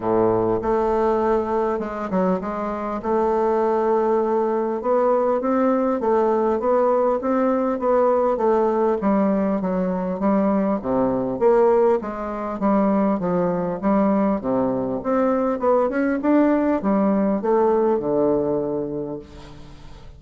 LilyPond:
\new Staff \with { instrumentName = "bassoon" } { \time 4/4 \tempo 4 = 100 a,4 a2 gis8 fis8 | gis4 a2. | b4 c'4 a4 b4 | c'4 b4 a4 g4 |
fis4 g4 c4 ais4 | gis4 g4 f4 g4 | c4 c'4 b8 cis'8 d'4 | g4 a4 d2 | }